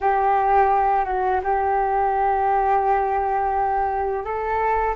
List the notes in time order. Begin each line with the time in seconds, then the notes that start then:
0.00 G4
1.05 F#4
1.43 G4
4.24 A4